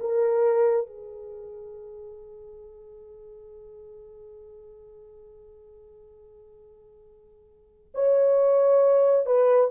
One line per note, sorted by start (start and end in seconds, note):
0.00 0.87 A#4
0.87 7.93 G#4
7.95 9.26 C#5
9.26 9.70 B4